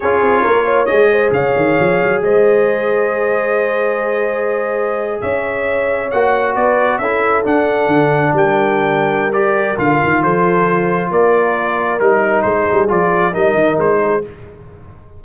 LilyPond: <<
  \new Staff \with { instrumentName = "trumpet" } { \time 4/4 \tempo 4 = 135 cis''2 dis''4 f''4~ | f''4 dis''2.~ | dis''2.~ dis''8. e''16~ | e''4.~ e''16 fis''4 d''4 e''16~ |
e''8. fis''2 g''4~ g''16~ | g''4 d''4 f''4 c''4~ | c''4 d''2 ais'4 | c''4 d''4 dis''4 c''4 | }
  \new Staff \with { instrumentName = "horn" } { \time 4/4 gis'4 ais'8 cis''4 c''8 cis''4~ | cis''4 c''2.~ | c''2.~ c''8. cis''16~ | cis''2~ cis''8. b'4 a'16~ |
a'2~ a'8. ais'4~ ais'16~ | ais'2. a'4~ | a'4 ais'2. | gis'2 ais'4. gis'8 | }
  \new Staff \with { instrumentName = "trombone" } { \time 4/4 f'2 gis'2~ | gis'1~ | gis'1~ | gis'4.~ gis'16 fis'2 e'16~ |
e'8. d'2.~ d'16~ | d'4 g'4 f'2~ | f'2. dis'4~ | dis'4 f'4 dis'2 | }
  \new Staff \with { instrumentName = "tuba" } { \time 4/4 cis'8 c'8 ais4 gis4 cis8 dis8 | f8 fis8 gis2.~ | gis2.~ gis8. cis'16~ | cis'4.~ cis'16 ais4 b4 cis'16~ |
cis'8. d'4 d4 g4~ g16~ | g2 d8 dis8 f4~ | f4 ais2 g4 | gis8 g8 f4 g8 dis8 gis4 | }
>>